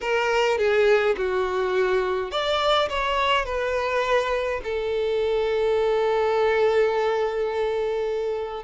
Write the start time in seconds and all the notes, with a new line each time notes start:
0.00 A#4
0.58 G#4
1.17 F#4
2.31 D5
2.89 C#5
3.45 B4
4.63 A4